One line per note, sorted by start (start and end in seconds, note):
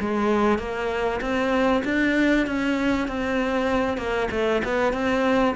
0.00 0.58 G#3
0.58 1.20 A#3
1.21 1.83 C4
1.85 2.47 D4
2.47 3.08 C#4
3.08 3.98 C4
3.98 4.28 A#3
4.31 4.62 A3
4.64 4.93 B3
4.93 5.55 C4